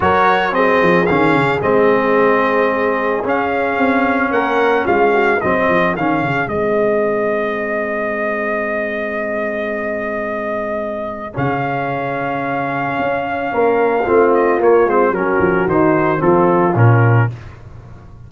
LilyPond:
<<
  \new Staff \with { instrumentName = "trumpet" } { \time 4/4 \tempo 4 = 111 cis''4 dis''4 f''4 dis''4~ | dis''2 f''2 | fis''4 f''4 dis''4 f''4 | dis''1~ |
dis''1~ | dis''4 f''2.~ | f''2~ f''8 dis''8 cis''8 c''8 | ais'4 c''4 a'4 ais'4 | }
  \new Staff \with { instrumentName = "horn" } { \time 4/4 ais'4 gis'2.~ | gis'1 | ais'4 f'8 fis'8 gis'2~ | gis'1~ |
gis'1~ | gis'1~ | gis'4 ais'4 f'2 | fis'2 f'2 | }
  \new Staff \with { instrumentName = "trombone" } { \time 4/4 fis'4 c'4 cis'4 c'4~ | c'2 cis'2~ | cis'2 c'4 cis'4 | c'1~ |
c'1~ | c'4 cis'2.~ | cis'2 c'4 ais8 c'8 | cis'4 dis'4 c'4 cis'4 | }
  \new Staff \with { instrumentName = "tuba" } { \time 4/4 fis4. f8 dis8 cis8 gis4~ | gis2 cis'4 c'4 | ais4 gis4 fis8 f8 dis8 cis8 | gis1~ |
gis1~ | gis4 cis2. | cis'4 ais4 a4 ais8 gis8 | fis8 f8 dis4 f4 ais,4 | }
>>